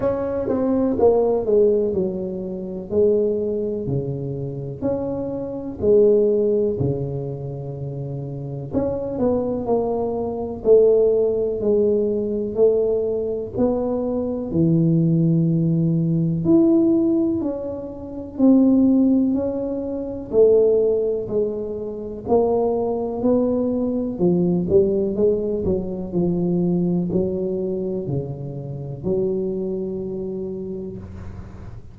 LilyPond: \new Staff \with { instrumentName = "tuba" } { \time 4/4 \tempo 4 = 62 cis'8 c'8 ais8 gis8 fis4 gis4 | cis4 cis'4 gis4 cis4~ | cis4 cis'8 b8 ais4 a4 | gis4 a4 b4 e4~ |
e4 e'4 cis'4 c'4 | cis'4 a4 gis4 ais4 | b4 f8 g8 gis8 fis8 f4 | fis4 cis4 fis2 | }